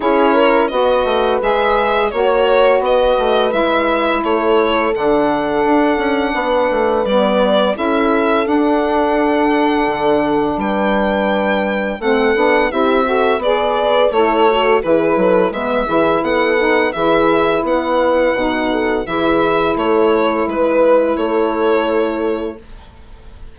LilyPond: <<
  \new Staff \with { instrumentName = "violin" } { \time 4/4 \tempo 4 = 85 cis''4 dis''4 e''4 cis''4 | dis''4 e''4 cis''4 fis''4~ | fis''2 d''4 e''4 | fis''2. g''4~ |
g''4 fis''4 e''4 d''4 | cis''4 b'4 e''4 fis''4 | e''4 fis''2 e''4 | cis''4 b'4 cis''2 | }
  \new Staff \with { instrumentName = "horn" } { \time 4/4 gis'8 ais'8 b'2 cis''4 | b'2 a'2~ | a'4 b'2 a'4~ | a'2. b'4~ |
b'4 a'4 g'8 a'8 b'4 | e'8 fis'8 gis'8 a'8 b'8 gis'8 a'4 | gis'4 b'4. a'8 gis'4 | a'4 b'4 a'2 | }
  \new Staff \with { instrumentName = "saxophone" } { \time 4/4 e'4 fis'4 gis'4 fis'4~ | fis'4 e'2 d'4~ | d'2 b4 e'4 | d'1~ |
d'4 c'8 d'8 e'8 fis'8 gis'4 | a'4 e'4 b8 e'4 dis'8 | e'2 dis'4 e'4~ | e'1 | }
  \new Staff \with { instrumentName = "bassoon" } { \time 4/4 cis'4 b8 a8 gis4 ais4 | b8 a8 gis4 a4 d4 | d'8 cis'8 b8 a8 g4 cis'4 | d'2 d4 g4~ |
g4 a8 b8 c'4 b4 | a4 e8 fis8 gis8 e8 b4 | e4 b4 b,4 e4 | a4 gis4 a2 | }
>>